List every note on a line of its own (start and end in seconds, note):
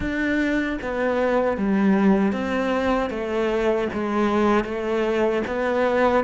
0.00 0.78 D4
0.81 1.57 B3
1.57 2.32 G3
2.32 3.10 C4
3.10 3.87 A3
3.93 4.64 G#3
4.64 5.42 A3
5.46 6.24 B3